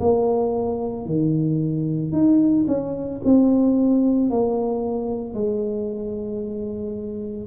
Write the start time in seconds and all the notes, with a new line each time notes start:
0.00 A#3
1.05 D#3
2.12 D#4
2.67 C#4
3.24 C4
4.30 A#3
5.34 G#3